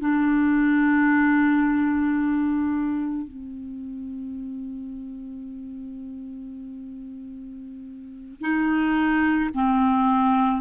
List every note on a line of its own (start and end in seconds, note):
0.00 3.27 D4
3.27 8.41 C4
8.41 9.50 D#4
9.54 10.61 C4